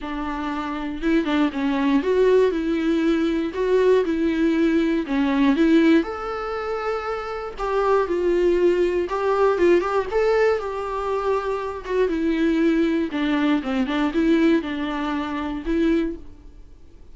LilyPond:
\new Staff \with { instrumentName = "viola" } { \time 4/4 \tempo 4 = 119 d'2 e'8 d'8 cis'4 | fis'4 e'2 fis'4 | e'2 cis'4 e'4 | a'2. g'4 |
f'2 g'4 f'8 g'8 | a'4 g'2~ g'8 fis'8 | e'2 d'4 c'8 d'8 | e'4 d'2 e'4 | }